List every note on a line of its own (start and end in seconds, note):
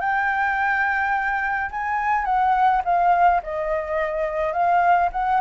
0.00 1.70 G5
1.71 2.25 G#5
2.25 2.81 F#5
2.84 3.41 F5
3.43 4.52 D#5
4.52 5.09 F5
5.12 5.40 F#5